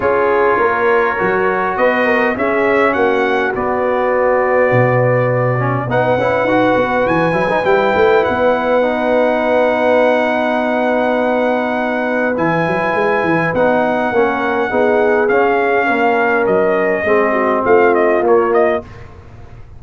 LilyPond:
<<
  \new Staff \with { instrumentName = "trumpet" } { \time 4/4 \tempo 4 = 102 cis''2. dis''4 | e''4 fis''4 d''2~ | d''2 fis''2 | gis''4 g''4 fis''2~ |
fis''1~ | fis''4 gis''2 fis''4~ | fis''2 f''2 | dis''2 f''8 dis''8 cis''8 dis''8 | }
  \new Staff \with { instrumentName = "horn" } { \time 4/4 gis'4 ais'2 b'8 ais'8 | gis'4 fis'2.~ | fis'2 b'2~ | b'1~ |
b'1~ | b'1 | ais'4 gis'2 ais'4~ | ais'4 gis'8 fis'8 f'2 | }
  \new Staff \with { instrumentName = "trombone" } { \time 4/4 f'2 fis'2 | cis'2 b2~ | b4. cis'8 dis'8 e'8 fis'4~ | fis'8 e'16 dis'16 e'2 dis'4~ |
dis'1~ | dis'4 e'2 dis'4 | cis'4 dis'4 cis'2~ | cis'4 c'2 ais4 | }
  \new Staff \with { instrumentName = "tuba" } { \time 4/4 cis'4 ais4 fis4 b4 | cis'4 ais4 b2 | b,2 b8 cis'8 dis'8 b8 | e8 fis8 g8 a8 b2~ |
b1~ | b4 e8 fis8 gis8 e8 b4 | ais4 b4 cis'4 ais4 | fis4 gis4 a4 ais4 | }
>>